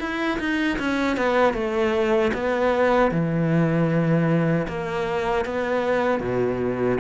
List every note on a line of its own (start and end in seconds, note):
0.00 0.39 E4
0.39 0.78 D#4
0.79 1.17 C#4
1.17 1.53 B3
1.53 2.31 A3
2.33 3.11 B3
3.11 4.67 E3
4.68 5.45 A#3
5.45 6.20 B3
6.20 6.98 B2